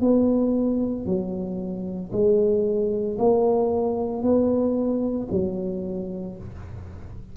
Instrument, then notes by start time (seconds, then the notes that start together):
tuba
0.00 B3
1.05 F#3
2.12 G#3
3.18 A#3
4.22 B3
5.31 F#3